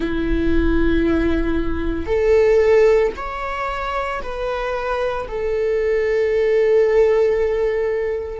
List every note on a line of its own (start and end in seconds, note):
0.00 2.06 E4
2.06 3.11 A4
3.16 4.21 C#5
4.22 5.27 B4
5.28 8.39 A4